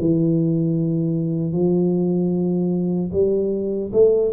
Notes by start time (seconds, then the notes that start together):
0.00 E3
1.53 F3
3.13 G3
3.93 A3